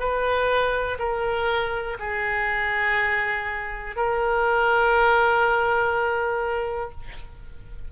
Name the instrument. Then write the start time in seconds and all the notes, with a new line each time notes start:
oboe
0.00 B4
0.99 A#4
1.99 G#4
3.96 A#4